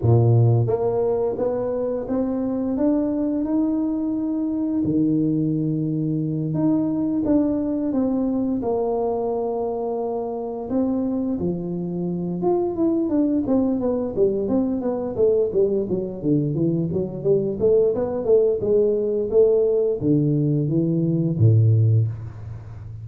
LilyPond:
\new Staff \with { instrumentName = "tuba" } { \time 4/4 \tempo 4 = 87 ais,4 ais4 b4 c'4 | d'4 dis'2 dis4~ | dis4. dis'4 d'4 c'8~ | c'8 ais2. c'8~ |
c'8 f4. f'8 e'8 d'8 c'8 | b8 g8 c'8 b8 a8 g8 fis8 d8 | e8 fis8 g8 a8 b8 a8 gis4 | a4 d4 e4 a,4 | }